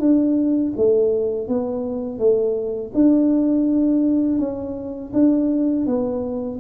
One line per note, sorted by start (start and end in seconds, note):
0.00 0.73 D4
0.77 1.48 A3
1.48 2.19 B3
2.19 2.92 A3
2.94 4.39 D4
4.39 5.12 C#4
5.14 5.86 D4
5.86 6.60 B3